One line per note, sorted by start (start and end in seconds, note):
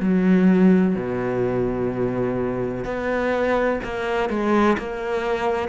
0.00 0.95 F#3
0.95 2.84 B2
2.84 3.79 B3
3.84 4.29 A#3
4.29 4.77 G#3
4.77 5.68 A#3